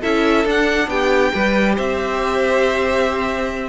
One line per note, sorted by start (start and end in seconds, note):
0.00 0.45 C#4
0.00 0.45 E4
0.00 0.86 A4
0.00 0.46 E5
0.45 0.88 D4
0.45 1.33 D4
0.45 0.89 F#5
0.88 1.31 B3
0.88 1.33 G4
0.88 1.75 G5
1.33 1.78 G3
1.33 3.69 G4
1.33 1.75 B4
1.75 3.69 C4
1.75 3.69 C5
1.75 3.69 E5